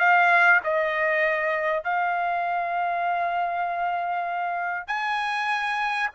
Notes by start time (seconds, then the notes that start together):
0.00 F5
0.64 D#5
1.85 F5
4.88 G#5